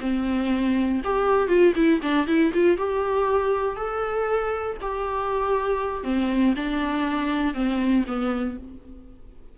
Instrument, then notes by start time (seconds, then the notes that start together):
viola
0.00 C4
1.04 G4
1.48 F4
1.76 E4
2.02 D4
2.27 E4
2.54 F4
2.77 G4
3.76 A4
4.82 G4
6.04 C4
6.56 D4
7.54 C4
8.07 B3